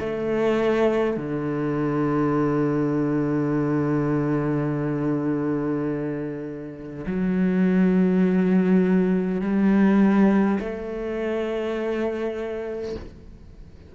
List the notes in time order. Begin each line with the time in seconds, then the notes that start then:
0.00 A3
1.17 D3
7.07 F#3
9.42 G3
10.60 A3